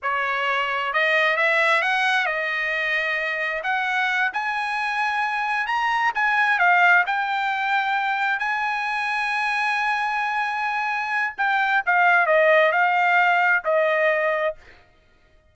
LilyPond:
\new Staff \with { instrumentName = "trumpet" } { \time 4/4 \tempo 4 = 132 cis''2 dis''4 e''4 | fis''4 dis''2. | fis''4. gis''2~ gis''8~ | gis''8 ais''4 gis''4 f''4 g''8~ |
g''2~ g''8 gis''4.~ | gis''1~ | gis''4 g''4 f''4 dis''4 | f''2 dis''2 | }